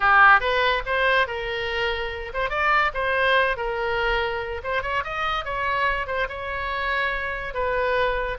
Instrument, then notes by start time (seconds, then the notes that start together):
oboe
0.00 G4
0.40 B4
0.86 C5
1.27 A#4
2.33 C5
2.49 D5
2.94 C5
3.56 A#4
4.63 C5
4.82 C#5
5.04 D#5
5.44 C#5
6.06 C5
6.28 C#5
7.54 B4